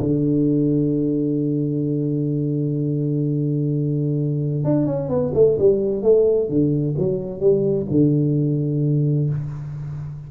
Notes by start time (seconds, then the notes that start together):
0.00 D3
4.64 D4
4.86 C#4
5.09 B3
5.34 A3
5.59 G3
6.02 A3
6.49 D3
6.98 F#3
7.40 G3
7.90 D3